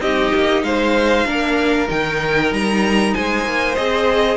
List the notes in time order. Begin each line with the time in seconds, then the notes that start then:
0.00 C4 D#4 G4 D#5
0.35 A#3
0.63 G#3 C5 F5
1.26 A#3 D4 A#4
1.88 D#3 D#4 G5
2.52 G3 A#5
3.14 G#3 C5 G#5
3.45 A#3
3.75 C4 G#4 D#5